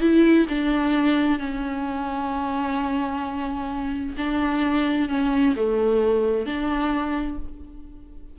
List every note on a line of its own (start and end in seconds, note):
0.00 0.46 E4
0.48 1.38 D4
1.38 4.15 C#4
4.17 5.08 D4
5.08 5.54 C#4
5.56 6.46 A3
6.46 7.38 D4